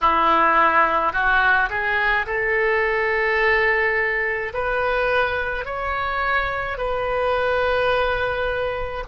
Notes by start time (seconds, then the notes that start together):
0.01 E4
1.12 F#4
1.69 G#4
2.26 A4
4.53 B4
5.65 C#5
6.77 B4